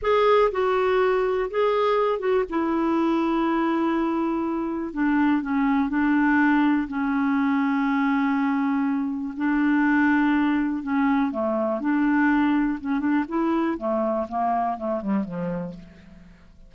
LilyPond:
\new Staff \with { instrumentName = "clarinet" } { \time 4/4 \tempo 4 = 122 gis'4 fis'2 gis'4~ | gis'8 fis'8 e'2.~ | e'2 d'4 cis'4 | d'2 cis'2~ |
cis'2. d'4~ | d'2 cis'4 a4 | d'2 cis'8 d'8 e'4 | a4 ais4 a8 g8 f4 | }